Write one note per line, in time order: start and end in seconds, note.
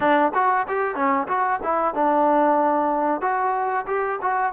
0.00 0.32 D4
0.34 0.66 F#4
0.67 0.95 G4
0.95 1.27 C#4
1.27 1.60 F#4
1.63 1.94 E4
1.94 3.21 D4
3.21 3.85 F#4
3.87 4.19 G4
4.21 4.52 F#4